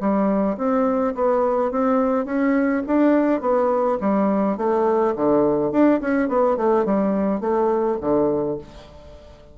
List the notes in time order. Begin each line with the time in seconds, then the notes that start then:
0.00 G3
0.57 C4
1.15 B3
1.71 C4
2.25 C#4
2.87 D4
3.41 B3
4.01 G3
4.57 A3
5.16 D3
5.72 D4
6.01 C#4
6.29 B3
6.57 A3
6.85 G3
7.41 A3
8.01 D3